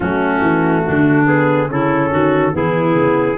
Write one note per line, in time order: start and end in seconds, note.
0.00 0.41 F#3
0.00 1.26 A3
0.00 0.84 C#4
0.00 1.26 F#4
0.41 0.83 E3
0.84 1.70 D3
0.84 1.69 D4
1.26 1.68 B3
1.26 1.69 G#4
1.68 2.11 C#3
1.68 2.52 C#4
1.68 2.10 E4
1.68 2.55 A4
2.10 2.53 D#3
2.10 2.52 F#4
2.52 2.95 E3
2.52 3.37 B3
2.52 3.37 E4
2.52 3.37 G#4
2.95 3.37 C#3